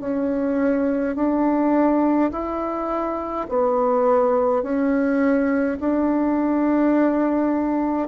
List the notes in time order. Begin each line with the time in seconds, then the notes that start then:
0.00 C#4
1.15 D4
2.31 E4
3.49 B3
4.63 C#4
5.80 D4